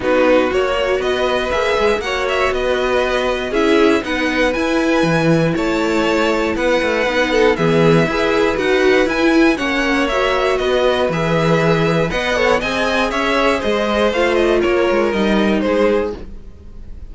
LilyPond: <<
  \new Staff \with { instrumentName = "violin" } { \time 4/4 \tempo 4 = 119 b'4 cis''4 dis''4 e''4 | fis''8 e''8 dis''2 e''4 | fis''4 gis''2 a''4~ | a''4 fis''2 e''4~ |
e''4 fis''4 gis''4 fis''4 | e''4 dis''4 e''2 | fis''4 gis''4 e''4 dis''4 | f''8 dis''8 cis''4 dis''4 c''4 | }
  \new Staff \with { instrumentName = "violin" } { \time 4/4 fis'2 b'2 | cis''4 b'2 gis'4 | b'2. cis''4~ | cis''4 b'4. a'8 gis'4 |
b'2. cis''4~ | cis''4 b'2. | dis''8 cis''8 dis''4 cis''4 c''4~ | c''4 ais'2 gis'4 | }
  \new Staff \with { instrumentName = "viola" } { \time 4/4 dis'4 fis'2 gis'4 | fis'2. e'4 | dis'4 e'2.~ | e'2 dis'4 b4 |
gis'4 fis'4 e'4 cis'4 | fis'2 gis'2 | b'8 a'8 gis'2. | f'2 dis'2 | }
  \new Staff \with { instrumentName = "cello" } { \time 4/4 b4 ais4 b4 ais8 gis8 | ais4 b2 cis'4 | b4 e'4 e4 a4~ | a4 b8 a8 b4 e4 |
e'4 dis'4 e'4 ais4~ | ais4 b4 e2 | b4 c'4 cis'4 gis4 | a4 ais8 gis8 g4 gis4 | }
>>